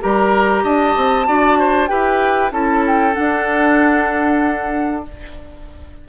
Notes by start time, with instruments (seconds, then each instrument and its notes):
0.00 bassoon G3, clarinet G4, oboe A#4, flute A#5
0.63 bassoon D4, oboe D#5, flute A5
0.96 bassoon C4
1.26 bassoon D4, clarinet F#4, oboe D5
1.59 oboe C5
1.87 bassoon E4, clarinet G4, oboe B4, flute G5
2.51 bassoon C#4, clarinet E4, oboe A4, flute A5
2.86 flute G5
3.13 clarinet D4, flute F#5
3.19 bassoon D4